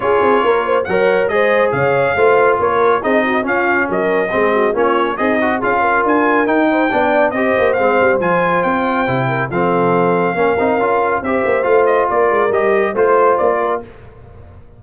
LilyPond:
<<
  \new Staff \with { instrumentName = "trumpet" } { \time 4/4 \tempo 4 = 139 cis''2 fis''4 dis''4 | f''2 cis''4 dis''4 | f''4 dis''2 cis''4 | dis''4 f''4 gis''4 g''4~ |
g''4 dis''4 f''4 gis''4 | g''2 f''2~ | f''2 e''4 f''8 dis''8 | d''4 dis''4 c''4 d''4 | }
  \new Staff \with { instrumentName = "horn" } { \time 4/4 gis'4 ais'8 c''8 cis''4 c''4 | cis''4 c''4 ais'4 gis'8 fis'8 | f'4 ais'4 gis'8 fis'8 f'4 | dis'4 gis'8 ais'2 c''8 |
d''4 c''2.~ | c''4. ais'8 a'2 | ais'2 c''2 | ais'2 c''4. ais'8 | }
  \new Staff \with { instrumentName = "trombone" } { \time 4/4 f'2 ais'4 gis'4~ | gis'4 f'2 dis'4 | cis'2 c'4 cis'4 | gis'8 fis'8 f'2 dis'4 |
d'4 g'4 c'4 f'4~ | f'4 e'4 c'2 | cis'8 dis'8 f'4 g'4 f'4~ | f'4 g'4 f'2 | }
  \new Staff \with { instrumentName = "tuba" } { \time 4/4 cis'8 c'8 ais4 fis4 gis4 | cis4 a4 ais4 c'4 | cis'4 fis4 gis4 ais4 | c'4 cis'4 d'4 dis'4 |
b4 c'8 ais8 gis8 g8 f4 | c'4 c4 f2 | ais8 c'8 cis'4 c'8 ais8 a4 | ais8 gis8 g4 a4 ais4 | }
>>